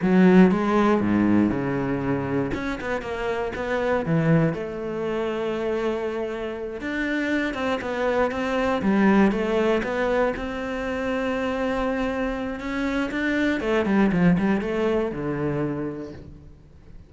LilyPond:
\new Staff \with { instrumentName = "cello" } { \time 4/4 \tempo 4 = 119 fis4 gis4 gis,4 cis4~ | cis4 cis'8 b8 ais4 b4 | e4 a2.~ | a4. d'4. c'8 b8~ |
b8 c'4 g4 a4 b8~ | b8 c'2.~ c'8~ | c'4 cis'4 d'4 a8 g8 | f8 g8 a4 d2 | }